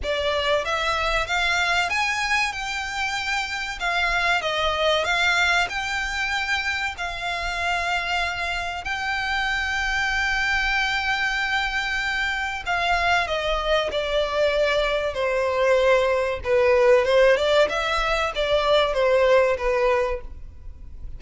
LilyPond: \new Staff \with { instrumentName = "violin" } { \time 4/4 \tempo 4 = 95 d''4 e''4 f''4 gis''4 | g''2 f''4 dis''4 | f''4 g''2 f''4~ | f''2 g''2~ |
g''1 | f''4 dis''4 d''2 | c''2 b'4 c''8 d''8 | e''4 d''4 c''4 b'4 | }